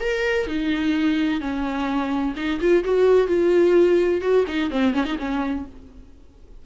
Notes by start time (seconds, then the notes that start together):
0.00 A#4
0.47 D#4
1.40 C#4
2.36 D#4
2.60 F4
2.84 F#4
3.27 F4
4.21 F#4
4.47 D#4
4.70 C4
4.93 C#4
5.05 D#4
5.18 C#4